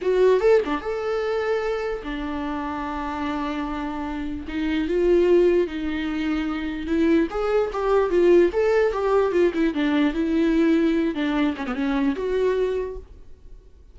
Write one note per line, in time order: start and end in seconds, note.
0.01 0.40 F#4
0.40 0.60 A4
0.65 0.80 D4
0.80 2.02 A4
2.03 4.46 D4
4.48 4.88 D#4
4.88 5.67 F4
5.67 6.87 D#4
6.87 7.27 E4
7.30 7.70 G#4
7.72 8.10 G4
8.10 8.50 F4
8.52 8.92 A4
8.92 9.32 G4
9.32 9.52 F4
9.54 9.74 E4
9.74 10.13 D4
10.13 11.14 E4
11.14 11.55 D4
11.56 11.66 C#4
11.66 11.74 B3
11.74 12.15 C#4
12.15 12.96 F#4